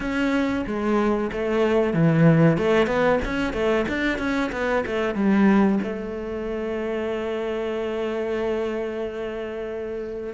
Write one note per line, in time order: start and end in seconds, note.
0.00 0.65 C#4
0.66 1.30 G#3
1.32 1.93 A3
1.93 2.57 E3
2.57 2.87 A3
2.87 3.19 B3
3.25 3.53 C#4
3.53 3.85 A3
3.88 4.18 D4
4.18 4.50 C#4
4.52 4.84 B3
4.86 5.14 A3
5.14 5.79 G3
5.83 10.33 A3